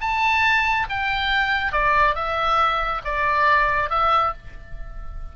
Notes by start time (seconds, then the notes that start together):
0.00 A5
0.89 G5
1.72 D5
2.15 E5
3.04 D5
3.89 E5